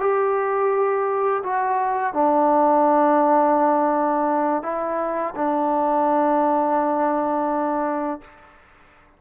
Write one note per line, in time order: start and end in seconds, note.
0.00 1.43 G4
1.44 2.14 F#4
2.14 4.63 D4
4.63 5.34 E4
5.36 8.21 D4